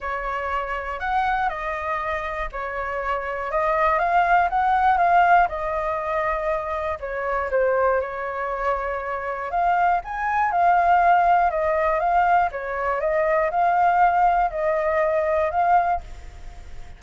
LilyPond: \new Staff \with { instrumentName = "flute" } { \time 4/4 \tempo 4 = 120 cis''2 fis''4 dis''4~ | dis''4 cis''2 dis''4 | f''4 fis''4 f''4 dis''4~ | dis''2 cis''4 c''4 |
cis''2. f''4 | gis''4 f''2 dis''4 | f''4 cis''4 dis''4 f''4~ | f''4 dis''2 f''4 | }